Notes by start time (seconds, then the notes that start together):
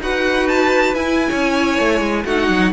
0.00 D#4 F#4 B4 F#5
0.48 A5
0.94 E4 G#5
1.29 C#4 C#5
1.79 A3
2.01 G#3
2.25 A3 D#4 F#4 F#5
2.49 F#3